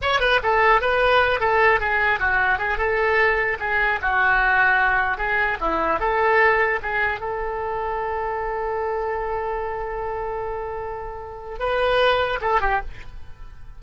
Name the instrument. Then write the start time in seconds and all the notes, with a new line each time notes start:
oboe
0.01 C#5
0.20 B4
0.42 A4
0.81 B4
1.40 A4
1.79 G#4
2.19 F#4
2.58 G#4
2.77 A4
3.59 G#4
4.01 F#4
5.17 G#4
5.60 E4
5.99 A4
6.82 G#4
7.19 A4
11.59 B4
12.41 A4
12.60 G4